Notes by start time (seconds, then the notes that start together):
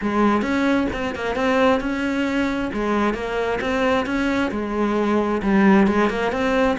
0.01 G#3
0.42 C#4
0.92 C4
1.15 A#3
1.35 C4
1.80 C#4
2.73 G#3
3.14 A#3
3.60 C4
4.05 C#4
4.51 G#3
5.42 G3
5.87 G#3
6.09 A#3
6.32 C4